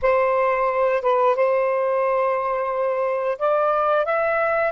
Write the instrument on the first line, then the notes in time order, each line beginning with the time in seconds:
saxophone
0.02 C5
1.01 B4
1.35 C5
3.38 D5
4.05 E5